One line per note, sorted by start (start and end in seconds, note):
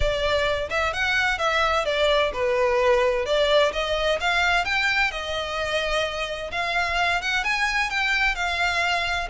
0.00 0.69 D5
0.69 0.93 E5
0.93 1.38 F#5
1.38 1.85 E5
1.85 2.31 D5
2.33 3.25 B4
3.25 3.72 D5
3.72 4.19 D#5
4.20 4.64 F5
4.64 5.11 G5
5.11 6.50 D#5
6.51 7.21 F5
7.21 7.44 F#5
7.44 7.89 G#5
7.89 8.35 G5
8.35 9.28 F5